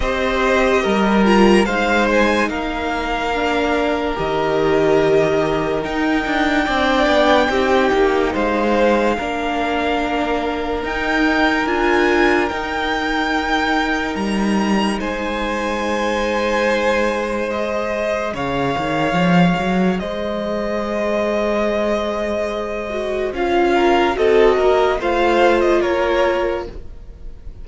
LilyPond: <<
  \new Staff \with { instrumentName = "violin" } { \time 4/4 \tempo 4 = 72 dis''4. ais''8 f''8 gis''8 f''4~ | f''4 dis''2 g''4~ | g''2 f''2~ | f''4 g''4 gis''4 g''4~ |
g''4 ais''4 gis''2~ | gis''4 dis''4 f''2 | dis''1 | f''4 dis''4 f''8. dis''16 cis''4 | }
  \new Staff \with { instrumentName = "violin" } { \time 4/4 c''4 ais'4 c''4 ais'4~ | ais'1 | d''4 g'4 c''4 ais'4~ | ais'1~ |
ais'2 c''2~ | c''2 cis''2 | c''1~ | c''8 ais'8 a'8 ais'8 c''4 ais'4 | }
  \new Staff \with { instrumentName = "viola" } { \time 4/4 g'4. f'8 dis'2 | d'4 g'2 dis'4 | d'4 dis'2 d'4~ | d'4 dis'4 f'4 dis'4~ |
dis'1~ | dis'4 gis'2.~ | gis'2.~ gis'8 fis'8 | f'4 fis'4 f'2 | }
  \new Staff \with { instrumentName = "cello" } { \time 4/4 c'4 g4 gis4 ais4~ | ais4 dis2 dis'8 d'8 | c'8 b8 c'8 ais8 gis4 ais4~ | ais4 dis'4 d'4 dis'4~ |
dis'4 g4 gis2~ | gis2 cis8 dis8 f8 fis8 | gis1 | cis'4 c'8 ais8 a4 ais4 | }
>>